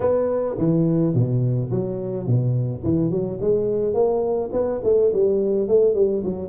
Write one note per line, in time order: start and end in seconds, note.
0.00 0.56 B3
0.58 1.13 E3
1.13 1.70 B2
1.71 2.26 F#3
2.26 2.83 B2
2.83 3.10 E3
3.10 3.38 F#3
3.40 3.93 G#3
3.93 4.50 A#3
4.52 4.80 B3
4.83 5.11 A3
5.13 5.68 G3
5.68 5.94 A3
5.94 6.22 G3
6.23 6.48 F#3